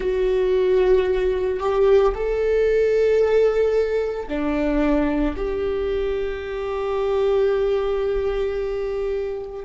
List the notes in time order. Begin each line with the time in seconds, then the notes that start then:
0.00 F#4
1.59 G4
2.14 A4
4.28 D4
5.36 G4